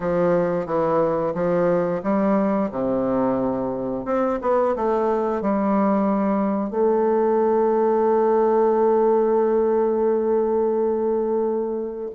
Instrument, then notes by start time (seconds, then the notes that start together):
bassoon
0.00 F3
0.66 E3
1.34 F3
2.03 G3
2.71 C3
4.05 C4
4.41 B3
4.76 A3
5.41 G3
6.70 A3